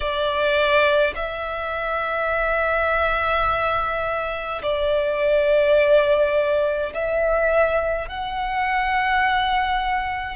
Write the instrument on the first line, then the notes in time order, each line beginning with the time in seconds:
violin
0.00 D5
1.15 E5
4.62 D5
6.93 E5
8.08 F#5